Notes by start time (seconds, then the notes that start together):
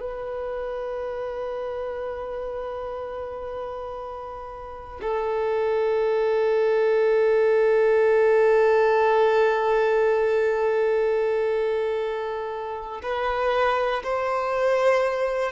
0.00 B4
5.01 A4
13.03 B4
14.03 C5